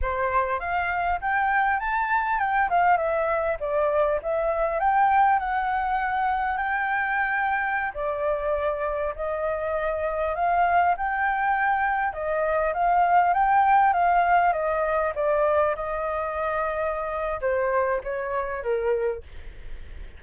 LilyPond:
\new Staff \with { instrumentName = "flute" } { \time 4/4 \tempo 4 = 100 c''4 f''4 g''4 a''4 | g''8 f''8 e''4 d''4 e''4 | g''4 fis''2 g''4~ | g''4~ g''16 d''2 dis''8.~ |
dis''4~ dis''16 f''4 g''4.~ g''16~ | g''16 dis''4 f''4 g''4 f''8.~ | f''16 dis''4 d''4 dis''4.~ dis''16~ | dis''4 c''4 cis''4 ais'4 | }